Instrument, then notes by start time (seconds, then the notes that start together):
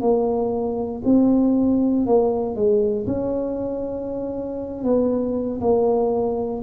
tuba
0.00 A#3
1.04 C4
2.06 A#3
2.55 G#3
3.06 C#4
4.84 B3
5.60 A#3